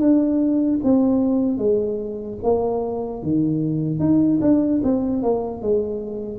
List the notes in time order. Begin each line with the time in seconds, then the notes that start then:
0.00 D4
0.83 C4
1.58 G#3
2.43 A#3
3.23 D#3
3.99 D#4
4.41 D4
4.84 C4
5.23 A#3
5.62 G#3